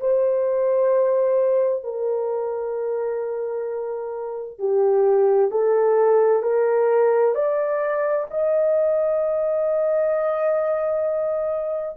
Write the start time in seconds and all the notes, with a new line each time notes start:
0.00 C5
1.84 A#4
4.59 G4
5.51 A4
6.42 A#4
7.35 D5
8.30 D#5